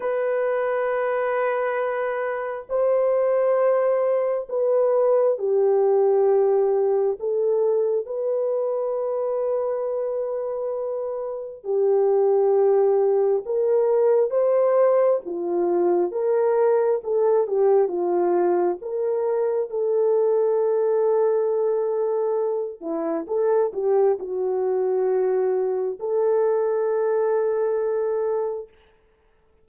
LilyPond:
\new Staff \with { instrumentName = "horn" } { \time 4/4 \tempo 4 = 67 b'2. c''4~ | c''4 b'4 g'2 | a'4 b'2.~ | b'4 g'2 ais'4 |
c''4 f'4 ais'4 a'8 g'8 | f'4 ais'4 a'2~ | a'4. e'8 a'8 g'8 fis'4~ | fis'4 a'2. | }